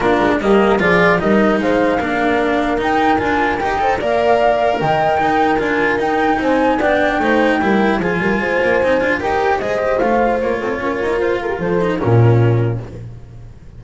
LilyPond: <<
  \new Staff \with { instrumentName = "flute" } { \time 4/4 \tempo 4 = 150 ais'4 dis''4 d''4 dis''4 | f''2. g''4 | gis''4 g''4 f''2 | g''2 gis''4 g''4 |
gis''4 g''2. | gis''2. g''4 | dis''4 f''4 cis''2 | c''8 ais'8 c''4 ais'2 | }
  \new Staff \with { instrumentName = "horn" } { \time 4/4 f'4 g'4 gis'4 ais'4 | c''4 ais'2.~ | ais'4. c''8 d''2 | dis''4 ais'2. |
c''4 d''4 c''4 ais'4 | gis'8 ais'8 c''2 ais'4 | c''2~ c''8 a'8 ais'4~ | ais'8 a'16 g'16 a'4 f'2 | }
  \new Staff \with { instrumentName = "cello" } { \time 4/4 d'4 ais4 f'4 dis'4~ | dis'4 d'2 dis'4 | f'4 g'8 a'8 ais'2~ | ais'4 dis'4 f'4 dis'4~ |
dis'4 d'4 dis'4 e'4 | f'2 dis'8 f'8 g'4 | gis'8 g'8 f'2.~ | f'4. dis'8 cis'2 | }
  \new Staff \with { instrumentName = "double bass" } { \time 4/4 ais8 gis8 g4 f4 g4 | gis4 ais2 dis'4 | d'4 dis'4 ais2 | dis4 dis'4 d'4 dis'4 |
c'4 b4 a4 g4 | f8 g8 gis8 ais8 c'8 d'8 dis'4 | gis4 a4 ais8 c'8 cis'8 dis'8 | f'4 f4 ais,2 | }
>>